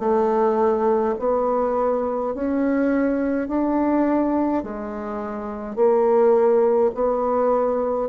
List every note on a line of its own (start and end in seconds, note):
0.00 1.15 A3
1.20 2.35 B3
2.35 3.48 C#4
3.48 4.64 D4
4.64 5.76 G#3
5.76 6.91 A#3
6.95 8.09 B3